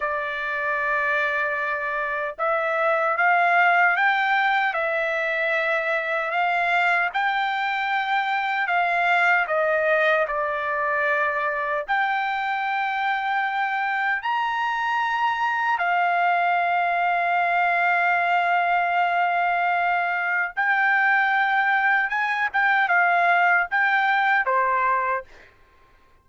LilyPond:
\new Staff \with { instrumentName = "trumpet" } { \time 4/4 \tempo 4 = 76 d''2. e''4 | f''4 g''4 e''2 | f''4 g''2 f''4 | dis''4 d''2 g''4~ |
g''2 ais''2 | f''1~ | f''2 g''2 | gis''8 g''8 f''4 g''4 c''4 | }